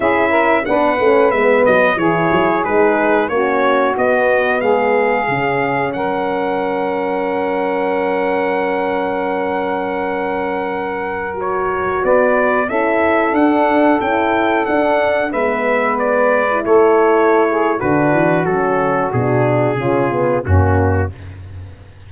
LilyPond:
<<
  \new Staff \with { instrumentName = "trumpet" } { \time 4/4 \tempo 4 = 91 e''4 fis''4 e''8 dis''8 cis''4 | b'4 cis''4 dis''4 f''4~ | f''4 fis''2.~ | fis''1~ |
fis''4~ fis''16 cis''4 d''4 e''8.~ | e''16 fis''4 g''4 fis''4 e''8.~ | e''16 d''4 cis''4.~ cis''16 b'4 | a'4 gis'2 fis'4 | }
  \new Staff \with { instrumentName = "saxophone" } { \time 4/4 gis'8 ais'8 b'2 gis'4~ | gis'4 fis'2 gis'4~ | gis'4 ais'2.~ | ais'1~ |
ais'2~ ais'16 b'4 a'8.~ | a'2.~ a'16 b'8.~ | b'4~ b'16 a'4~ a'16 gis'8 fis'4~ | fis'2 f'4 cis'4 | }
  \new Staff \with { instrumentName = "horn" } { \time 4/4 e'4 d'8 cis'8 b4 e'4 | dis'4 cis'4 b2 | cis'1~ | cis'1~ |
cis'4~ cis'16 fis'2 e'8.~ | e'16 d'4 e'4 d'4 b8.~ | b4 e'2 d'4 | cis'4 d'4 cis'8 b8 ais4 | }
  \new Staff \with { instrumentName = "tuba" } { \time 4/4 cis'4 b8 a8 gis8 fis8 e8 fis8 | gis4 ais4 b4 gis4 | cis4 fis2.~ | fis1~ |
fis2~ fis16 b4 cis'8.~ | cis'16 d'4 cis'4 d'4 gis8.~ | gis4~ gis16 a4.~ a16 d8 e8 | fis4 b,4 cis4 fis,4 | }
>>